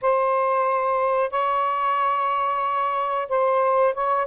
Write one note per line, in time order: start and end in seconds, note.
0.01 1.30 C5
1.30 3.28 C#5
3.28 3.94 C5
3.94 4.26 C#5